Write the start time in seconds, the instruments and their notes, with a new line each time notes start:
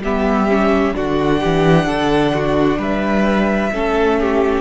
0.00 cello G3, viola B3, violin G4 E5
0.49 viola C#4
0.94 cello D3, viola D4, violin F#4 F#5
1.40 cello E3, violin G4
1.86 cello D3, violin A4
2.34 violin F#4
2.77 cello G3, violin B4 E5
3.72 cello A3, viola C#4, violin A4
4.20 violin G4